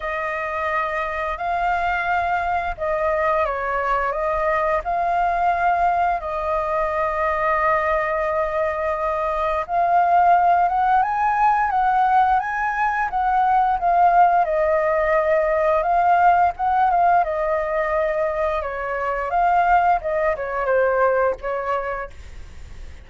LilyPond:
\new Staff \with { instrumentName = "flute" } { \time 4/4 \tempo 4 = 87 dis''2 f''2 | dis''4 cis''4 dis''4 f''4~ | f''4 dis''2.~ | dis''2 f''4. fis''8 |
gis''4 fis''4 gis''4 fis''4 | f''4 dis''2 f''4 | fis''8 f''8 dis''2 cis''4 | f''4 dis''8 cis''8 c''4 cis''4 | }